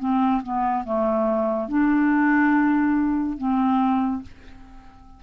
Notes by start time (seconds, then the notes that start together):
0.00 C4
0.43 B3
0.85 A3
1.69 D4
3.38 C4